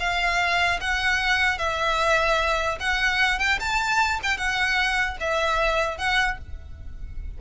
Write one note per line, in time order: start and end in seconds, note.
0.00 0.80 F5
0.81 1.59 F#5
1.59 2.79 E5
2.80 3.39 F#5
3.39 3.59 G5
3.60 4.20 A5
4.23 4.38 G5
4.38 5.18 F#5
5.21 5.98 E5
5.98 6.38 F#5